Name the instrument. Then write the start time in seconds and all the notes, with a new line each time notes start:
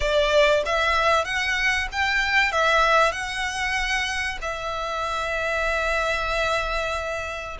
violin
0.00 D5
0.65 E5
1.25 F#5
1.91 G5
2.52 E5
3.12 F#5
4.41 E5